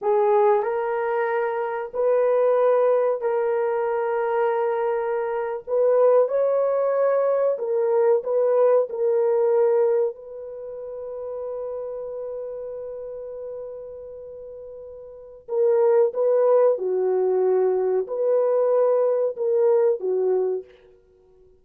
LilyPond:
\new Staff \with { instrumentName = "horn" } { \time 4/4 \tempo 4 = 93 gis'4 ais'2 b'4~ | b'4 ais'2.~ | ais'8. b'4 cis''2 ais'16~ | ais'8. b'4 ais'2 b'16~ |
b'1~ | b'1 | ais'4 b'4 fis'2 | b'2 ais'4 fis'4 | }